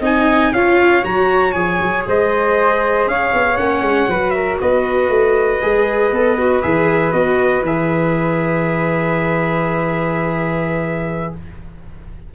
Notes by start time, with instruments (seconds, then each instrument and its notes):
0.00 tuba C4, viola D#4, flute D#5, trumpet G#5
0.52 tuba C#4, viola F4, flute C#5, trumpet F5
1.02 tuba F#3, viola F#4, trumpet A#5
1.52 tuba F3, viola G#4, trumpet G#5
1.81 tuba F#3
2.07 tuba G#3, flute C5, trumpet D#5
3.07 tuba C#4, flute C#5, trumpet F5
3.33 tuba B3
3.57 tuba A#3, viola C#4, trumpet F#5
3.81 tuba G#3
4.08 tuba F#3, viola F#4, flute B4
4.30 flute A#4, trumpet E5
4.60 tuba B3, flute B4, trumpet D#5
5.09 tuba A3
5.61 tuba G#3, viola G#4
6.12 tuba B3, viola A4
6.38 viola F#4
6.61 tuba E3, viola G#4, trumpet E5
7.12 tuba B3, viola F#4, trumpet D#5
7.62 tuba E3, viola G#4, trumpet E5